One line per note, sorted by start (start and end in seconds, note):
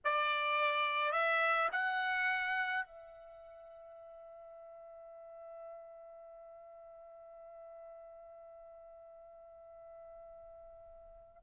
0.04 1.11 D5
1.11 1.69 E5
1.71 2.85 F#5
2.85 11.42 E5